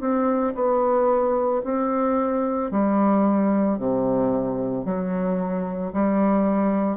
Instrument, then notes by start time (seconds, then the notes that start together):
bassoon
0.00 C4
0.55 B3
1.64 C4
2.71 G3
3.78 C3
4.85 F#3
5.93 G3